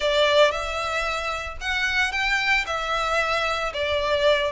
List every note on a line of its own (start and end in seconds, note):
0.00 0.51 D5
0.51 1.57 E5
1.60 2.12 F#5
2.12 2.65 G5
2.66 3.72 E5
3.73 4.51 D5